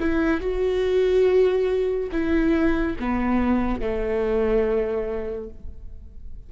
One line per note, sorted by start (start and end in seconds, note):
0.00 0.41 E4
0.41 2.10 F#4
2.12 2.97 E4
3.00 3.81 B3
3.81 5.50 A3